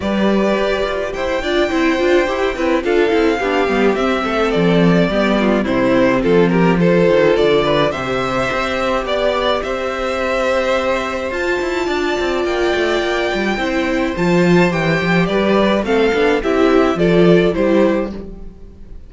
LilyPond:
<<
  \new Staff \with { instrumentName = "violin" } { \time 4/4 \tempo 4 = 106 d''2 g''2~ | g''4 f''2 e''4 | d''2 c''4 a'8 ais'8 | c''4 d''4 e''2 |
d''4 e''2. | a''2 g''2~ | g''4 a''4 g''4 d''4 | f''4 e''4 d''4 c''4 | }
  \new Staff \with { instrumentName = "violin" } { \time 4/4 b'2 c''8 d''8 c''4~ | c''8 b'8 a'4 g'4. a'8~ | a'4 g'8 f'8 e'4 f'8 g'8 | a'4. b'8 c''2 |
d''4 c''2.~ | c''4 d''2. | c''2. b'4 | a'4 g'4 a'4 g'4 | }
  \new Staff \with { instrumentName = "viola" } { \time 4/4 g'2~ g'8 f'8 e'8 f'8 | g'8 e'8 f'8 e'8 d'8 b8 c'4~ | c'4 b4 c'2 | f'2 g'2~ |
g'1 | f'1 | e'4 f'4 g'2 | c'8 d'8 e'4 f'4 e'4 | }
  \new Staff \with { instrumentName = "cello" } { \time 4/4 g4 g'8 f'8 e'8 d'8 c'8 d'8 | e'8 c'8 d'8 c'8 b8 g8 c'8 a8 | f4 g4 c4 f4~ | f8 dis8 d4 c4 c'4 |
b4 c'2. | f'8 e'8 d'8 c'8 ais8 a8 ais8 g8 | c'4 f4 e8 f8 g4 | a8 b8 c'4 f4 g4 | }
>>